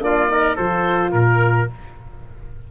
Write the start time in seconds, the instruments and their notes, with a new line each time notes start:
0.00 tuba A#3, horn D4, trumpet F4, oboe D5
0.28 horn D#4, trumpet A#4
0.56 tuba F3, horn F4, trumpet A4, oboe C5
1.11 tuba A#2, oboe A#4, trumpet A#4